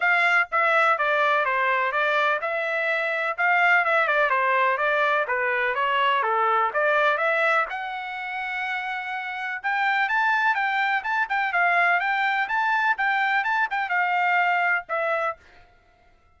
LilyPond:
\new Staff \with { instrumentName = "trumpet" } { \time 4/4 \tempo 4 = 125 f''4 e''4 d''4 c''4 | d''4 e''2 f''4 | e''8 d''8 c''4 d''4 b'4 | cis''4 a'4 d''4 e''4 |
fis''1 | g''4 a''4 g''4 a''8 g''8 | f''4 g''4 a''4 g''4 | a''8 g''8 f''2 e''4 | }